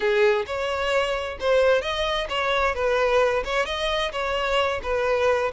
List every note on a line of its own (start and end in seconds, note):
0.00 0.45 G#4
0.46 1.38 C#5
1.39 1.81 C5
1.81 2.27 D#5
2.29 2.74 C#5
2.74 3.43 B4
3.44 3.65 C#5
3.65 4.11 D#5
4.12 4.80 C#5
4.83 5.51 B4